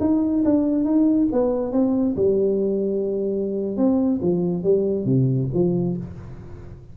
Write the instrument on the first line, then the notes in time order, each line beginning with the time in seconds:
tuba
0.00 D#4
0.44 D4
0.84 D#4
1.32 B3
1.72 C4
2.16 G3
3.77 C4
4.22 F3
4.63 G3
5.05 C3
5.54 F3